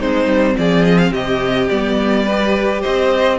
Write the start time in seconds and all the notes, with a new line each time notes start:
0.00 G#3 C4 D#4 C5
0.27 G3
0.58 F3 G#4 D5
0.85 D#5
0.98 F5
1.12 C3 G4 D#5
1.69 G3 B3 D5
2.25 G4 B4
2.81 C4 C5 D#5